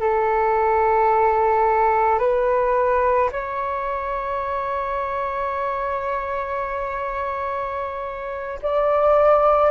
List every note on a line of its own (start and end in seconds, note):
0.00 2.19 A4
2.19 3.30 B4
3.32 8.60 C#5
8.62 9.71 D5